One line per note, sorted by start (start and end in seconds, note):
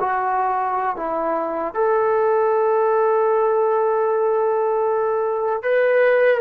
0.00 0.96 F#4
0.96 1.74 E4
1.74 5.62 A4
5.62 6.40 B4